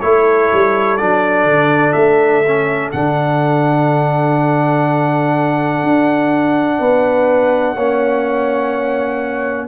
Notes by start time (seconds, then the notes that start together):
0.00 A3 E4 A4 C#5
0.53 G3
0.97 F#3 D4 D5
1.44 D3
1.92 A3 E5
2.47 C#4
2.92 D3 D4 F#5
5.83 D4
6.79 B3 B4
7.75 A#3 C#4 C#5